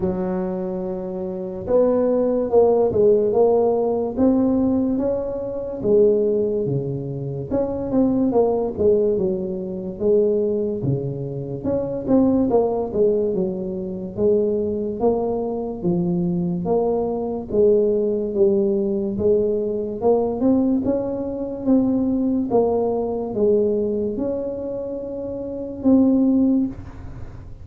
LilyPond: \new Staff \with { instrumentName = "tuba" } { \time 4/4 \tempo 4 = 72 fis2 b4 ais8 gis8 | ais4 c'4 cis'4 gis4 | cis4 cis'8 c'8 ais8 gis8 fis4 | gis4 cis4 cis'8 c'8 ais8 gis8 |
fis4 gis4 ais4 f4 | ais4 gis4 g4 gis4 | ais8 c'8 cis'4 c'4 ais4 | gis4 cis'2 c'4 | }